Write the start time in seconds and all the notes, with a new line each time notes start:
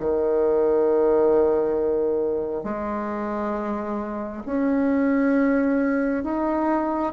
0.00 D#3
2.64 G#3
4.46 C#4
6.24 D#4